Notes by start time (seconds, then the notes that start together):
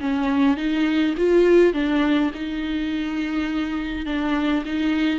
0.00 C#4
0.57 D#4
1.17 F4
1.73 D4
2.34 D#4
4.05 D4
4.65 D#4